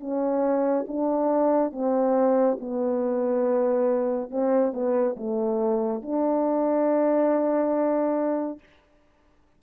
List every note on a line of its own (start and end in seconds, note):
0.00 0.86 C#4
0.88 1.72 D4
1.72 2.58 C4
2.60 4.30 B3
4.30 4.73 C4
4.73 5.15 B3
5.17 6.02 A3
6.02 8.59 D4